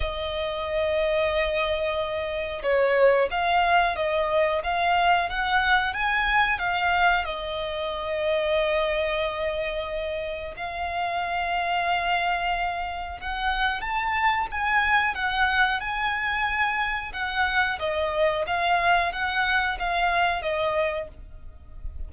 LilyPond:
\new Staff \with { instrumentName = "violin" } { \time 4/4 \tempo 4 = 91 dis''1 | cis''4 f''4 dis''4 f''4 | fis''4 gis''4 f''4 dis''4~ | dis''1 |
f''1 | fis''4 a''4 gis''4 fis''4 | gis''2 fis''4 dis''4 | f''4 fis''4 f''4 dis''4 | }